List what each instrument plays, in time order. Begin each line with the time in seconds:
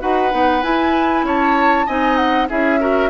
0.00 bassoon D#4, clarinet F#4, oboe B4, flute F#5
0.30 bassoon B3, clarinet D#4
0.62 clarinet E4, bassoon E4, flute G#5
1.23 bassoon C#4, oboe C#5, flute A5
1.86 bassoon C4, clarinet D#4, oboe D#5, flute G#5
2.16 flute F#5
2.48 bassoon C#4, clarinet E4, oboe G#4, flute E5
2.79 clarinet F#4, oboe A#4